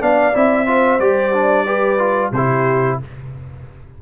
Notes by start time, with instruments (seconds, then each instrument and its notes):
0.00 tuba B3, trombone D4, horn D5, trumpet F5
0.34 tuba C4, trombone E4, trumpet E5
0.66 trombone F4, horn C5
0.98 tuba G3, trombone G4, trumpet D5
1.33 trombone D4
1.65 trombone G4, horn B4
1.99 trombone F4
2.32 tuba C3, trombone E4, horn G4, trumpet C5